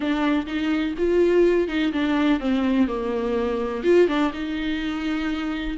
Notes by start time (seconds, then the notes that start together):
0.00 D4
0.46 D#4
0.98 F4
1.68 D#4
1.92 D4
2.40 C4
2.87 A#3
3.83 F4
4.07 D4
4.33 D#4